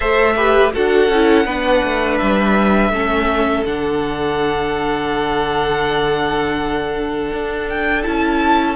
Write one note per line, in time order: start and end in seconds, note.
0.00 0.74 A3
0.00 0.36 A4
0.00 0.34 C5
0.00 0.71 E5
0.36 0.73 G4
0.36 0.73 B4
0.73 1.08 D4
0.73 1.10 F#4
0.73 1.45 A4
0.73 2.17 F#5
1.08 1.45 C#4
1.08 1.46 E4
1.45 1.82 B3
1.45 2.92 D4
1.45 2.92 B4
1.83 2.20 A3
2.17 2.89 G3
2.17 3.64 E5
2.89 3.62 A3
2.89 3.65 C#4
2.89 8.76 A4
3.66 7.31 D3
3.66 8.02 D4
3.66 7.68 F#5
7.31 8.04 D4
7.69 8.02 G5
8.02 8.76 C#4
8.02 8.76 E4
8.02 8.75 A5